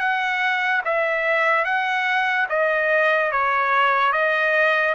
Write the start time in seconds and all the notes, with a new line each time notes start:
0.00 F#5
0.85 E5
1.65 F#5
2.50 D#5
3.32 C#5
4.13 D#5